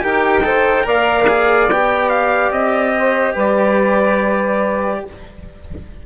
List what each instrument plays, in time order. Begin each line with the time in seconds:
0.00 bassoon D#4, cello G4, saxophone A#4, trumpet G5
0.43 cello A4, saxophone C5
0.83 bassoon A#3, cello A#4, saxophone D5, trumpet F5
1.27 cello G#4
1.69 bassoon B3, cello G4, trumpet G5
2.09 trumpet F5
2.50 bassoon C4, trumpet D#5
2.98 saxophone C5
3.34 bassoon G3, saxophone B4, trumpet D5